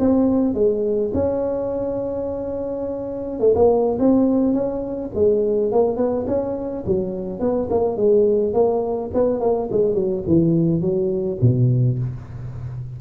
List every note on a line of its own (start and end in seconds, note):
0.00 0.55 C4
0.55 1.12 G#3
1.14 3.40 C#4
3.40 3.55 A3
3.56 3.98 A#3
3.99 4.54 C4
4.54 5.11 C#4
5.15 5.72 G#3
5.72 5.97 A#3
5.97 6.26 B3
6.28 6.85 C#4
6.86 7.40 F#3
7.40 7.69 B3
7.71 7.97 A#3
7.97 8.54 G#3
8.54 9.11 A#3
9.14 9.41 B3
9.41 9.69 A#3
9.72 9.95 G#3
9.95 10.24 F#3
10.28 10.82 E3
10.82 11.39 F#3
11.42 11.99 B2